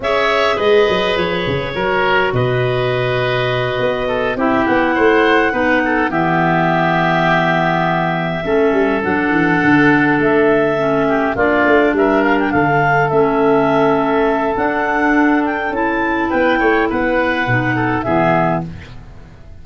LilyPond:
<<
  \new Staff \with { instrumentName = "clarinet" } { \time 4/4 \tempo 4 = 103 e''4 dis''4 cis''2 | dis''2.~ dis''8 e''8 | fis''2~ fis''8 e''4.~ | e''2.~ e''8 fis''8~ |
fis''4. e''2 d''8~ | d''8 e''8 f''16 g''16 f''4 e''4.~ | e''4 fis''4. g''8 a''4 | g''4 fis''2 e''4 | }
  \new Staff \with { instrumentName = "oboe" } { \time 4/4 cis''4 b'2 ais'4 | b'2. a'8 g'8~ | g'8 c''4 b'8 a'8 g'4.~ | g'2~ g'8 a'4.~ |
a'2. g'8 f'8~ | f'8 ais'4 a'2~ a'8~ | a'1 | b'8 cis''8 b'4. a'8 gis'4 | }
  \new Staff \with { instrumentName = "clarinet" } { \time 4/4 gis'2. fis'4~ | fis'2.~ fis'8 e'8~ | e'4. dis'4 b4.~ | b2~ b8 cis'4 d'8~ |
d'2~ d'8 cis'4 d'8~ | d'2~ d'8 cis'4.~ | cis'4 d'2 e'4~ | e'2 dis'4 b4 | }
  \new Staff \with { instrumentName = "tuba" } { \time 4/4 cis'4 gis8 fis8 f8 cis8 fis4 | b,2~ b,8 b4 c'8 | b8 a4 b4 e4.~ | e2~ e8 a8 g8 fis8 |
e8 d4 a2 ais8 | a8 g4 d4 a4.~ | a4 d'2 cis'4 | b8 a8 b4 b,4 e4 | }
>>